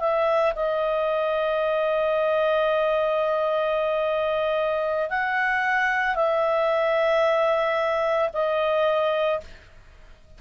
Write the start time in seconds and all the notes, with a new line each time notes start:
0.00 E5
0.56 D#5
5.10 F#5
6.16 E5
8.34 D#5